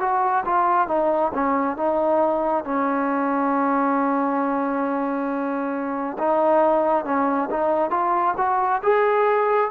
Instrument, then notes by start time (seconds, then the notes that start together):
trombone
0.00 F#4
0.45 F4
0.88 D#4
1.34 C#4
1.77 D#4
2.64 C#4
6.19 D#4
7.05 C#4
7.50 D#4
7.91 F4
8.37 F#4
8.83 G#4